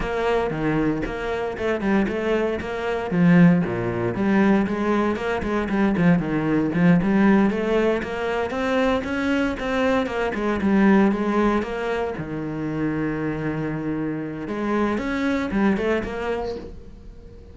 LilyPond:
\new Staff \with { instrumentName = "cello" } { \time 4/4 \tempo 4 = 116 ais4 dis4 ais4 a8 g8 | a4 ais4 f4 ais,4 | g4 gis4 ais8 gis8 g8 f8 | dis4 f8 g4 a4 ais8~ |
ais8 c'4 cis'4 c'4 ais8 | gis8 g4 gis4 ais4 dis8~ | dis1 | gis4 cis'4 g8 a8 ais4 | }